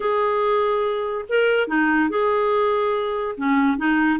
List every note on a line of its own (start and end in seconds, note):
0.00 1.25 G#4
1.28 1.67 A#4
1.67 2.09 D#4
2.09 3.35 G#4
3.37 3.77 C#4
3.77 4.19 D#4